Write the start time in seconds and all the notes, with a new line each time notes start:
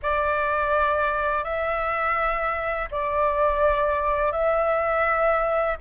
0.02 D5
1.44 E5
2.91 D5
4.32 E5